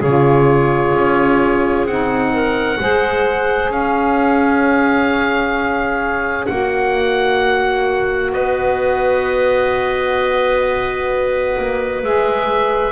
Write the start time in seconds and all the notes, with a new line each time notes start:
0.00 C#3 F4 G#4 C#5
0.95 C#4
1.86 C4 D#4 F#5
2.33 A#4
2.79 G#3 G#4 C5
3.70 C#4 C#5 F5
6.47 A#3 F#4 F#5
8.32 B3 B4 D#5
11.58 A#3
12.03 G#3 G#4 E5